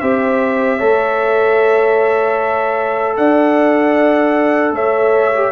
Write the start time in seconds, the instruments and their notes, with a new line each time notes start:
0.00 tuba C4, trombone G4, horn C5, trumpet E5
0.78 tuba A3, trombone A4, horn C#5
3.17 tuba D4, horn D5, trumpet F#5
4.73 tuba A3, horn C#5, trumpet E5
5.35 trombone G4